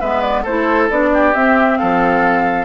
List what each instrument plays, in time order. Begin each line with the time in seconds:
0.00 bassoon G#3, clarinet B3, oboe B4, flute E5
0.21 flute D5
0.42 bassoon A3, clarinet E4, oboe A4, flute C5
0.90 bassoon B3, clarinet D4, flute D5
1.13 oboe G4
1.34 clarinet C4, bassoon C4, flute E5
1.77 bassoon F3, oboe A4, flute F5